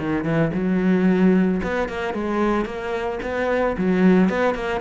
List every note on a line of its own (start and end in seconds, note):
0.00 0.25 D#3
0.25 0.51 E3
0.54 1.61 F#3
1.64 1.89 B3
1.89 2.14 A#3
2.14 2.66 G#3
2.66 3.19 A#3
3.23 3.76 B3
3.78 4.30 F#3
4.30 4.55 B3
4.55 4.81 A#3